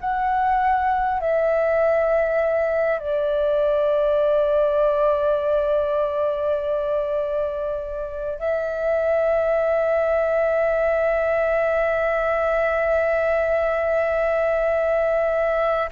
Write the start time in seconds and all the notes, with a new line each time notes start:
0.00 F#5
1.20 E5
2.99 D5
8.39 E5